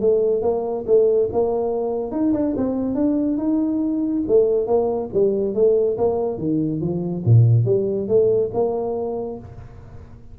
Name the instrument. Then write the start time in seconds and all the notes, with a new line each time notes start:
tuba
0.00 A3
0.42 A#3
0.86 A3
1.32 A#3
2.11 D#4
2.33 D4
2.56 C4
2.95 D4
3.37 D#4
4.27 A3
4.67 A#3
5.13 G3
5.54 A3
5.97 A#3
6.38 D#3
6.80 F3
7.25 A#2
7.65 G3
8.08 A3
8.53 A#3